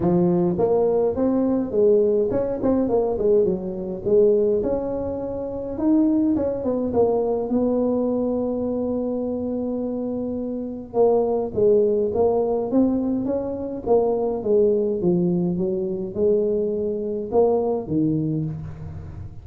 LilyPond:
\new Staff \with { instrumentName = "tuba" } { \time 4/4 \tempo 4 = 104 f4 ais4 c'4 gis4 | cis'8 c'8 ais8 gis8 fis4 gis4 | cis'2 dis'4 cis'8 b8 | ais4 b2.~ |
b2. ais4 | gis4 ais4 c'4 cis'4 | ais4 gis4 f4 fis4 | gis2 ais4 dis4 | }